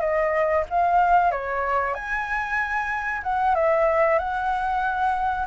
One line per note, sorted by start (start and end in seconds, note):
0.00 0.64 D#5
0.70 1.31 F5
1.31 1.94 C#5
1.94 3.22 G#5
3.23 3.55 F#5
3.55 4.18 E5
4.18 5.46 F#5